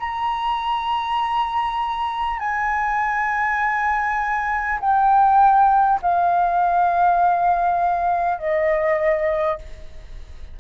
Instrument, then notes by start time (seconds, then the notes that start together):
flute
0.00 A#5
2.40 G#5
4.81 G5
6.03 F5
8.39 D#5